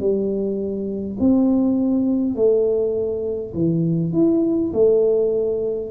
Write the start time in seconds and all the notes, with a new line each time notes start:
0.00 G3
1.20 C4
2.35 A3
3.54 E3
4.13 E4
4.73 A3